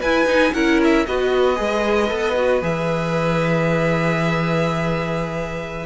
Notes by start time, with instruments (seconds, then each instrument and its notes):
0.00 cello E4, viola E4, violin B4 G#5
0.25 cello D#4, viola D#4
0.53 cello C#4, viola E4, violin A#4 F#5
0.84 violin E5
1.06 cello B3, viola F#4, violin B4 D#5
1.56 cello G#3, viola G#4
2.09 cello B3, viola A4
2.36 viola F#4
2.62 cello E3, viola G#4, violin E5